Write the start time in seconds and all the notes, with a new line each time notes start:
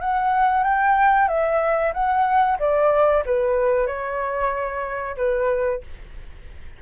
0.00 F#5
0.63 G5
1.28 E5
1.94 F#5
2.59 D5
3.25 B4
3.87 C#5
5.16 B4